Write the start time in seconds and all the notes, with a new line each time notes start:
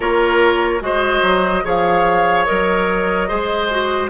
0.00 A#3 F4 A#4 C#5
0.80 G#3 F#4 C5 D#5
1.22 F#3
1.64 F3 G#4 C#5 F5
2.45 F#3 A#4 D#5
3.28 G#3 G#4 C5
3.70 F#4